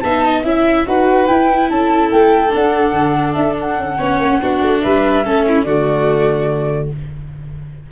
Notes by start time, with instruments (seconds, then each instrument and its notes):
0.00 tuba B3, viola D#4, violin E5, flute A5
0.24 violin D#5
0.42 tuba C#4, viola E4, flute E5, violin E5
0.86 tuba D#4, viola F#4, violin B4, flute F#5
1.27 viola E4, tuba E4, flute G5
1.69 tuba C#4, violin A4, flute A5
2.11 tuba A3, flute G5
2.49 viola D4
2.55 tuba D4, flute F#5
2.93 tuba D3
3.34 tuba D4, flute E5
3.60 flute F#5
3.78 tuba C#4
3.98 tuba B3, viola C#4, violin C#5
4.18 tuba A#3
4.42 tuba B3, viola D4, violin F#4
4.62 tuba A3
4.81 tuba G3, violin B4, flute E5
5.24 tuba A3, viola C#4, violin A4
5.48 violin E4
5.64 tuba D3, viola A3, violin F#4, flute D5